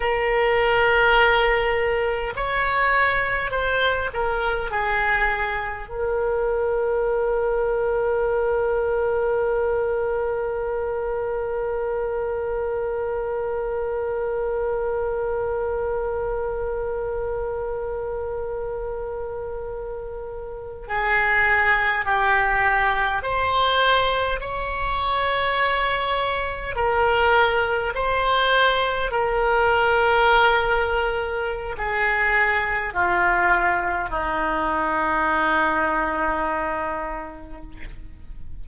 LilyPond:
\new Staff \with { instrumentName = "oboe" } { \time 4/4 \tempo 4 = 51 ais'2 cis''4 c''8 ais'8 | gis'4 ais'2.~ | ais'1~ | ais'1~ |
ais'4.~ ais'16 gis'4 g'4 c''16~ | c''8. cis''2 ais'4 c''16~ | c''8. ais'2~ ais'16 gis'4 | f'4 dis'2. | }